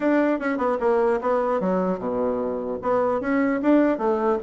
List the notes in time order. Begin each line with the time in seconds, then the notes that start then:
0.00 D4
0.39 C#4
0.57 B3
0.80 A#3
1.21 B3
1.60 F#3
1.99 B2
2.81 B3
3.20 C#4
3.61 D4
3.98 A3